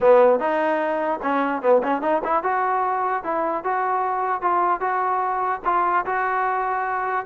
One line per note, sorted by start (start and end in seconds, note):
0.00 0.39 B3
0.39 1.20 D#4
1.22 1.62 C#4
1.62 1.82 B3
1.83 2.01 C#4
2.01 2.21 D#4
2.24 2.43 E4
2.43 3.23 F#4
3.23 3.64 E4
3.64 4.41 F#4
4.41 4.80 F4
4.80 5.60 F#4
5.64 6.05 F4
6.05 7.26 F#4